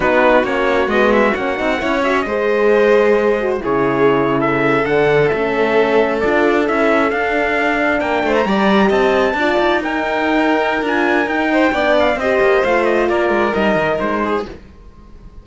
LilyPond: <<
  \new Staff \with { instrumentName = "trumpet" } { \time 4/4 \tempo 4 = 133 b'4 cis''4 dis''8 e''8 fis''4~ | fis''8 e''8 dis''2. | cis''4.~ cis''16 e''4 fis''4 e''16~ | e''4.~ e''16 d''4 e''4 f''16~ |
f''4.~ f''16 g''8. ais''4~ ais''16 a''16~ | a''4.~ a''16 g''2~ g''16 | gis''4 g''4. f''8 dis''4 | f''8 dis''8 d''4 dis''4 c''4 | }
  \new Staff \with { instrumentName = "violin" } { \time 4/4 fis'1 | cis''4 c''2. | gis'4.~ gis'16 a'2~ a'16~ | a'1~ |
a'4.~ a'16 ais'8 c''8 d''4 dis''16~ | dis''8. d''4 ais'2~ ais'16~ | ais'4. c''8 d''4 c''4~ | c''4 ais'2~ ais'8 gis'8 | }
  \new Staff \with { instrumentName = "horn" } { \time 4/4 dis'4 cis'4 b4 cis'8 dis'8 | e'8 fis'8 gis'2~ gis'8 fis'8 | e'2~ e'8. d'4 cis'16~ | cis'4.~ cis'16 f'4 e'4 d'16~ |
d'2~ d'8. g'4~ g'16~ | g'8. f'4 dis'2~ dis'16 | f'4 dis'4 d'4 g'4 | f'2 dis'2 | }
  \new Staff \with { instrumentName = "cello" } { \time 4/4 b4 ais4 gis4 ais8 c'8 | cis'4 gis2. | cis2~ cis8. d4 a16~ | a4.~ a16 d'4 cis'4 d'16~ |
d'4.~ d'16 ais8 a8 g4 c'16~ | c'8. d'8 dis'2~ dis'8. | d'4 dis'4 b4 c'8 ais8 | a4 ais8 gis8 g8 dis8 gis4 | }
>>